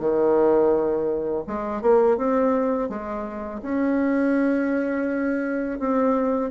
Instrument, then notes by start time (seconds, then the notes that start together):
bassoon
0.00 D#3
1.47 G#3
1.82 A#3
2.17 C4
2.89 G#3
3.62 C#4
5.79 C4